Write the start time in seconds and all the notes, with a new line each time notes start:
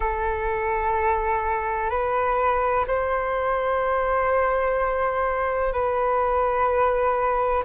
0.00 A4
1.90 B4
2.87 C5
5.72 B4